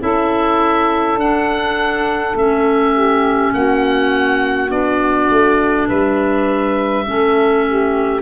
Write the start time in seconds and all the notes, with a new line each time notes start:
0.00 C#4 E4 A4 E5
1.15 D4 F#5
2.35 A3 C#4 E5
2.93 G4
3.54 A#3 F#4 F#5
4.70 B3 D4 D5
5.30 A3
5.87 G3 B4 E5
7.06 A3 C#4 A4
7.67 G4